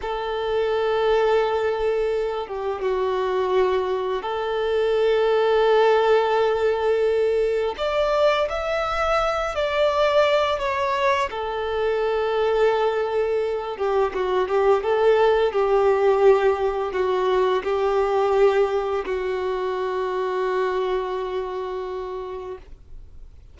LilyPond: \new Staff \with { instrumentName = "violin" } { \time 4/4 \tempo 4 = 85 a'2.~ a'8 g'8 | fis'2 a'2~ | a'2. d''4 | e''4. d''4. cis''4 |
a'2.~ a'8 g'8 | fis'8 g'8 a'4 g'2 | fis'4 g'2 fis'4~ | fis'1 | }